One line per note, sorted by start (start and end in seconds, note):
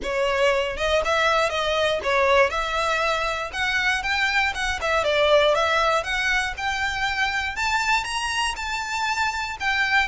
0.03 0.76 C#5
0.76 1.02 D#5
1.04 1.49 E5
1.49 2.00 D#5
2.03 2.50 C#5
2.50 3.50 E5
3.52 4.02 F#5
4.02 4.53 G5
4.54 4.79 F#5
4.81 5.04 E5
5.04 5.54 D5
5.54 6.03 E5
6.03 6.54 F#5
6.57 7.56 G5
7.56 8.04 A5
8.04 8.54 A#5
8.56 9.56 A5
9.59 10.08 G5